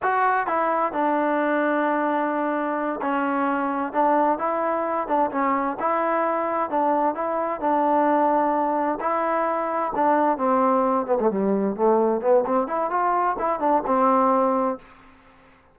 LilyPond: \new Staff \with { instrumentName = "trombone" } { \time 4/4 \tempo 4 = 130 fis'4 e'4 d'2~ | d'2~ d'8 cis'4.~ | cis'8 d'4 e'4. d'8 cis'8~ | cis'8 e'2 d'4 e'8~ |
e'8 d'2. e'8~ | e'4. d'4 c'4. | b16 a16 g4 a4 b8 c'8 e'8 | f'4 e'8 d'8 c'2 | }